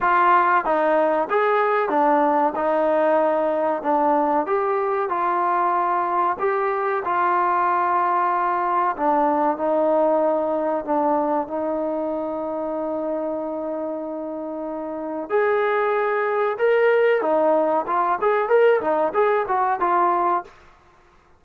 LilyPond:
\new Staff \with { instrumentName = "trombone" } { \time 4/4 \tempo 4 = 94 f'4 dis'4 gis'4 d'4 | dis'2 d'4 g'4 | f'2 g'4 f'4~ | f'2 d'4 dis'4~ |
dis'4 d'4 dis'2~ | dis'1 | gis'2 ais'4 dis'4 | f'8 gis'8 ais'8 dis'8 gis'8 fis'8 f'4 | }